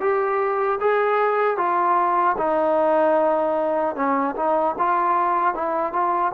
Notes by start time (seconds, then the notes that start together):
0.00 G4
0.80 G#4
1.57 F4
2.38 D#4
3.95 C#4
4.36 D#4
4.78 F4
5.54 E4
5.92 F4